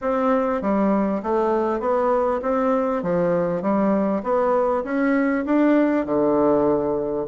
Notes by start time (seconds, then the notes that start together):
0.01 C4
0.61 G3
1.22 A3
1.80 B3
2.42 C4
3.02 F3
3.61 G3
4.23 B3
4.84 C#4
5.45 D4
6.05 D3